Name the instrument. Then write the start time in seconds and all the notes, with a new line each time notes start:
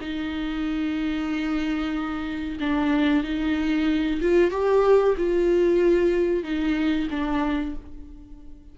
viola
0.00 D#4
2.60 D4
3.23 D#4
4.21 F4
4.50 G4
5.17 F4
6.43 D#4
7.10 D4